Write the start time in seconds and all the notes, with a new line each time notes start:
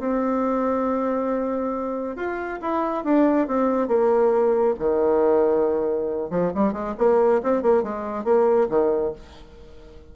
0.00 C4
2.17 F4
2.62 E4
3.05 D4
3.48 C4
3.88 A#3
4.79 D#3
6.31 F3
6.55 G3
6.73 G#3
6.98 A#3
7.44 C4
7.63 A#3
7.84 G#3
8.25 A#3
8.70 D#3